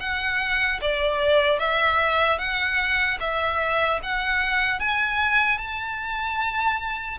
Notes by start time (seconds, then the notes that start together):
0.00 F#5
0.81 D5
1.59 E5
2.38 F#5
3.20 E5
4.03 F#5
4.80 G#5
5.58 A5